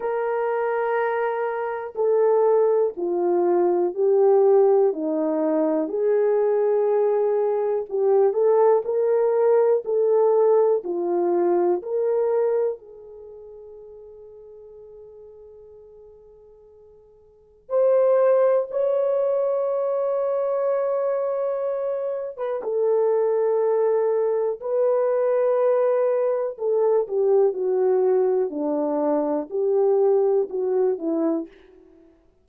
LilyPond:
\new Staff \with { instrumentName = "horn" } { \time 4/4 \tempo 4 = 61 ais'2 a'4 f'4 | g'4 dis'4 gis'2 | g'8 a'8 ais'4 a'4 f'4 | ais'4 gis'2.~ |
gis'2 c''4 cis''4~ | cis''2~ cis''8. b'16 a'4~ | a'4 b'2 a'8 g'8 | fis'4 d'4 g'4 fis'8 e'8 | }